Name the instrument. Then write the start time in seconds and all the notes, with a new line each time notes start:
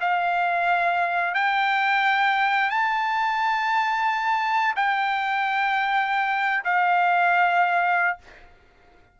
trumpet
0.00 F5
1.34 G5
2.70 A5
4.76 G5
6.64 F5